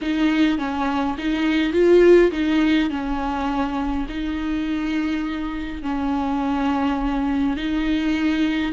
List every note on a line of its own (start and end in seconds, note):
0.01 0.58 D#4
0.58 1.16 C#4
1.18 1.73 D#4
1.73 2.31 F4
2.31 2.89 D#4
2.89 4.06 C#4
4.08 5.82 D#4
5.82 7.56 C#4
7.56 8.72 D#4